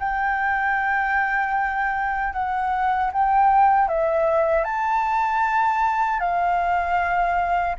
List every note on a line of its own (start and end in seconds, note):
0.00 2.33 G5
2.33 3.11 F#5
3.13 3.89 G5
3.89 4.65 E5
4.65 6.20 A5
6.20 7.76 F5